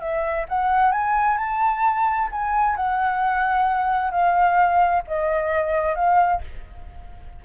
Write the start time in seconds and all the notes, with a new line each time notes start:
0.00 E5
0.49 F#5
0.92 G#5
1.37 A5
2.31 G#5
2.76 F#5
4.11 F5
5.08 D#5
5.95 F5